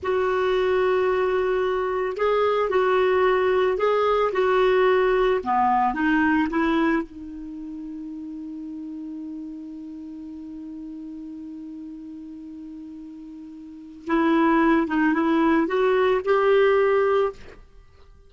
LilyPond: \new Staff \with { instrumentName = "clarinet" } { \time 4/4 \tempo 4 = 111 fis'1 | gis'4 fis'2 gis'4 | fis'2 b4 dis'4 | e'4 dis'2.~ |
dis'1~ | dis'1~ | dis'2 e'4. dis'8 | e'4 fis'4 g'2 | }